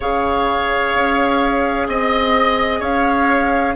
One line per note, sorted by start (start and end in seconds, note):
0.00 0.94 C#3
0.00 3.76 G#4
0.00 1.87 C#5
0.00 1.88 F5
0.94 1.87 C#4
1.87 2.80 C4
1.87 2.81 D#5
1.87 2.79 D#5
2.79 3.74 C#4
2.79 3.73 C#5
2.79 3.75 F5